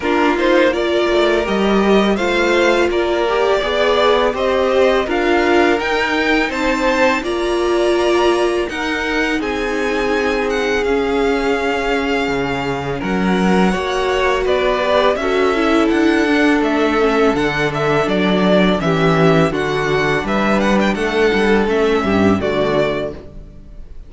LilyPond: <<
  \new Staff \with { instrumentName = "violin" } { \time 4/4 \tempo 4 = 83 ais'8 c''8 d''4 dis''4 f''4 | d''2 dis''4 f''4 | g''4 a''4 ais''2 | fis''4 gis''4. fis''8 f''4~ |
f''2 fis''2 | d''4 e''4 fis''4 e''4 | fis''8 e''8 d''4 e''4 fis''4 | e''8 fis''16 g''16 fis''4 e''4 d''4 | }
  \new Staff \with { instrumentName = "violin" } { \time 4/4 f'4 ais'2 c''4 | ais'4 d''4 c''4 ais'4~ | ais'4 c''4 d''2 | ais'4 gis'2.~ |
gis'2 ais'4 cis''4 | b'4 a'2.~ | a'2 g'4 fis'4 | b'4 a'4. g'8 fis'4 | }
  \new Staff \with { instrumentName = "viola" } { \time 4/4 d'8 dis'8 f'4 g'4 f'4~ | f'8 g'8 gis'4 g'4 f'4 | dis'2 f'2 | dis'2. cis'4~ |
cis'2. fis'4~ | fis'8 g'8 fis'8 e'4 d'4 cis'8 | d'2 cis'4 d'4~ | d'2 cis'4 a4 | }
  \new Staff \with { instrumentName = "cello" } { \time 4/4 ais4. a8 g4 a4 | ais4 b4 c'4 d'4 | dis'4 c'4 ais2 | dis'4 c'2 cis'4~ |
cis'4 cis4 fis4 ais4 | b4 cis'4 d'4 a4 | d4 fis4 e4 d4 | g4 a8 g8 a8 g,8 d4 | }
>>